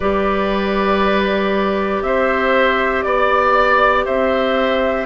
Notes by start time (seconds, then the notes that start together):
0.00 G3 G4 B4 D5
2.02 C4 C5 E5
3.03 B3 D5
4.05 C4 C5 E5